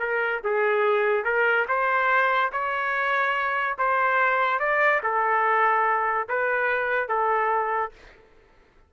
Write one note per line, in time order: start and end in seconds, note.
0.00 0.42 A#4
0.44 1.24 G#4
1.24 1.66 A#4
1.69 2.52 C5
2.52 3.77 C#5
3.79 4.60 C5
4.60 5.02 D5
5.03 6.28 A4
6.29 7.09 B4
7.09 7.92 A4